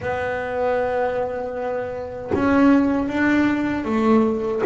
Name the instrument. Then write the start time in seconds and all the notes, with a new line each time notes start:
double bass
0.00 B3
2.34 C#4
3.08 D4
3.84 A3